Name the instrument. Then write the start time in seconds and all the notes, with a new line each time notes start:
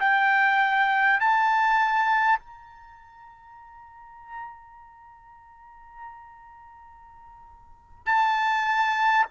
trumpet
0.00 G5
1.19 A5
2.39 A#5
8.06 A5